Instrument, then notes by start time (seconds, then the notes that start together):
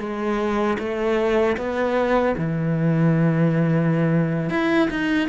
cello
0.00 G#3
0.79 A3
1.58 B3
2.38 E3
4.50 E4
4.91 D#4